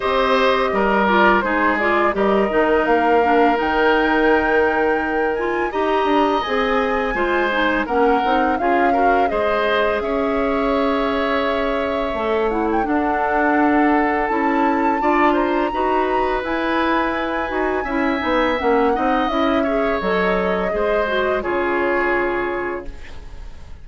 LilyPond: <<
  \new Staff \with { instrumentName = "flute" } { \time 4/4 \tempo 4 = 84 dis''4. d''8 c''8 d''8 dis''4 | f''4 g''2~ g''8 gis''8 | ais''4 gis''2 fis''4 | f''4 dis''4 e''2~ |
e''4. fis''16 g''16 fis''2 | a''4. ais''4. gis''4~ | gis''2 fis''4 e''4 | dis''2 cis''2 | }
  \new Staff \with { instrumentName = "oboe" } { \time 4/4 c''4 ais'4 gis'4 ais'4~ | ais'1 | dis''2 c''4 ais'4 | gis'8 ais'8 c''4 cis''2~ |
cis''2 a'2~ | a'4 d''8 c''8 b'2~ | b'4 e''4. dis''4 cis''8~ | cis''4 c''4 gis'2 | }
  \new Staff \with { instrumentName = "clarinet" } { \time 4/4 g'4. f'8 dis'8 f'8 g'8 dis'8~ | dis'8 d'8 dis'2~ dis'8 f'8 | g'4 gis'4 f'8 dis'8 cis'8 dis'8 | f'8 fis'8 gis'2.~ |
gis'4 a'8 e'8 d'2 | e'4 f'4 fis'4 e'4~ | e'8 fis'8 e'8 dis'8 cis'8 dis'8 e'8 gis'8 | a'4 gis'8 fis'8 f'2 | }
  \new Staff \with { instrumentName = "bassoon" } { \time 4/4 c'4 g4 gis4 g8 dis8 | ais4 dis2. | dis'8 d'8 c'4 gis4 ais8 c'8 | cis'4 gis4 cis'2~ |
cis'4 a4 d'2 | cis'4 d'4 dis'4 e'4~ | e'8 dis'8 cis'8 b8 ais8 c'8 cis'4 | fis4 gis4 cis2 | }
>>